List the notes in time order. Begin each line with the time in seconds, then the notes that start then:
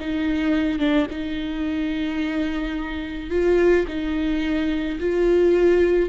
0.00 D#4
0.79 D4
1.10 D#4
3.30 F4
3.88 D#4
5.00 F4